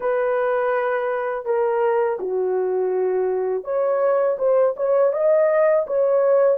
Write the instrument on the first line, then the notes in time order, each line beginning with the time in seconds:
horn
0.00 B4
1.45 A#4
2.19 F#4
3.64 C#5
4.38 C5
4.76 C#5
5.13 D#5
5.86 C#5